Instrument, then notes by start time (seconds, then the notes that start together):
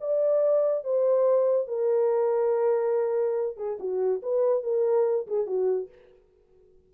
horn
0.00 D5
0.84 C5
1.67 A#4
3.57 G#4
3.79 F#4
4.22 B4
4.63 A#4
5.27 G#4
5.46 F#4